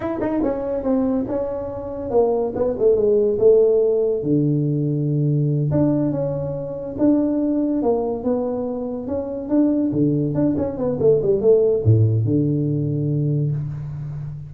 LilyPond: \new Staff \with { instrumentName = "tuba" } { \time 4/4 \tempo 4 = 142 e'8 dis'8 cis'4 c'4 cis'4~ | cis'4 ais4 b8 a8 gis4 | a2 d2~ | d4. d'4 cis'4.~ |
cis'8 d'2 ais4 b8~ | b4. cis'4 d'4 d8~ | d8 d'8 cis'8 b8 a8 g8 a4 | a,4 d2. | }